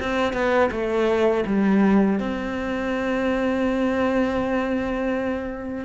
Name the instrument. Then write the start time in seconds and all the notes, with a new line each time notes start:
cello
0.00 C4
0.33 B3
0.71 A3
1.46 G3
2.19 C4